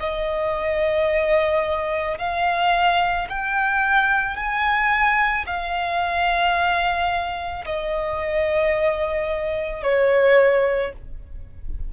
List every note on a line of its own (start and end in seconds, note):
0.00 2.18 D#5
2.19 3.28 F5
3.29 4.36 G5
4.36 5.45 G#5
5.46 7.65 F5
7.65 9.83 D#5
9.83 10.92 C#5